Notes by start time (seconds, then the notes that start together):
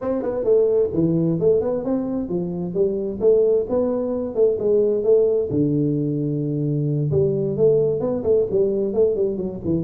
0.01 C4
0.22 B3
0.44 A3
0.93 E3
1.39 A3
1.61 B3
1.84 C4
2.28 F3
2.74 G3
3.20 A3
3.69 B3
4.34 A3
4.59 G#3
5.03 A3
5.50 D3
7.11 G3
7.56 A3
8.00 B3
8.23 A3
8.50 G3
8.93 A3
9.15 G3
9.37 F#3
9.64 E3